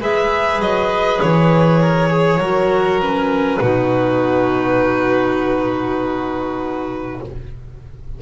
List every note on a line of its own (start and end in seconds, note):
0.00 0.60 G#3
0.00 2.41 G#4
0.00 1.80 B4
0.00 0.61 E5
0.60 1.20 F#3
0.60 1.21 D#5
1.21 2.39 E3
1.21 3.01 C#5
1.81 2.10 A#4
2.10 2.40 G#4
2.39 3.58 F#3
2.39 3.02 F#4
2.39 3.60 A#4
3.02 3.62 C#4
3.02 7.22 B4
3.61 7.21 B2
3.61 7.22 D#4
3.61 7.21 F#4